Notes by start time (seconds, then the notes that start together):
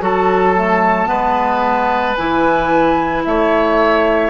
0.00 F#3 F#4 A4 A5
0.56 A3
1.06 G#3 B3 B4
2.15 E3 E4 G#5
3.24 A3 C#5 E5